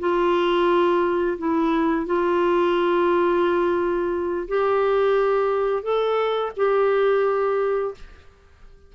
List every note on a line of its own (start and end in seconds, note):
0.00 1.38 F4
1.38 2.06 E4
2.06 4.48 F4
4.48 5.83 G4
5.83 6.52 A4
6.57 7.95 G4